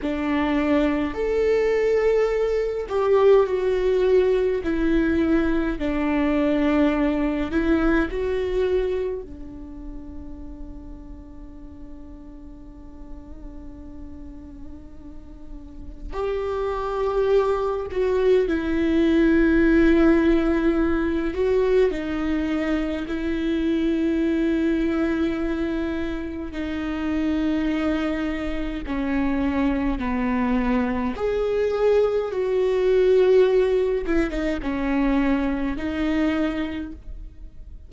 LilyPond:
\new Staff \with { instrumentName = "viola" } { \time 4/4 \tempo 4 = 52 d'4 a'4. g'8 fis'4 | e'4 d'4. e'8 fis'4 | d'1~ | d'2 g'4. fis'8 |
e'2~ e'8 fis'8 dis'4 | e'2. dis'4~ | dis'4 cis'4 b4 gis'4 | fis'4. e'16 dis'16 cis'4 dis'4 | }